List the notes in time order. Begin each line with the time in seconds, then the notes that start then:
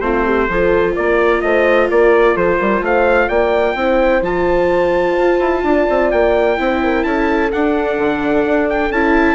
0.00 A3 C4 F4 C5
0.25 G4
0.48 F3 F4 A4
0.95 A#3 A#4 D5
1.41 A3 C5 D#5
1.90 A#3 A#4 D5
2.34 F3 A4 C5
2.59 G3 A#4
2.81 A3 C5 F5
3.28 A#3 D5 G5
3.74 C4 E4 C5
4.21 F3 F4 A5
5.18 F4
5.39 E4
5.63 D4 D5
5.89 C4
6.10 A#3 G5
6.57 C4 E4 C5
6.83 A#4
7.03 C#4 A4 A5
7.52 D4 F#5
7.97 D3
8.45 D4
8.69 G5
8.90 C#4 E4 A5